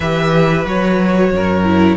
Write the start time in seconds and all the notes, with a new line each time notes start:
0.00 E3 G4 B4 E5
0.65 F#3 F#4 C#5
1.32 F#2 A#4
1.64 E4